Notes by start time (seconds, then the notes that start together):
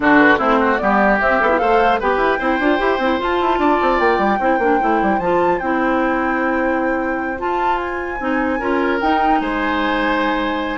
0.00 D3 D4 F#4 A4
0.18 B4
0.38 A3 C4 E4 C5
0.60 F#4
0.77 G3 B3 G4 D5
1.20 C4 E5
1.40 B3 A4
1.49 E4
1.57 A3 A4 C5 F5
2.00 B3 G4 B4 G5
2.17 E4
2.38 C4 E4 C5
2.59 D4 F4
2.78 E4 G4
2.98 C4 E4
3.18 F4 A5
3.40 E4
3.58 D4 D5
3.81 C4
3.99 A#3 G5
4.18 G3
4.39 C4 E4 C5
4.59 A#3 D4
4.80 A3 E4
5.02 G3
5.19 F3 F4 A5
5.58 C4 E4 G5
7.37 F4 A5
7.78 G#5
8.19 C4 D#4
8.59 C#4 F4 A#4
9.01 D#4 G5
9.40 G#3 C5 G#5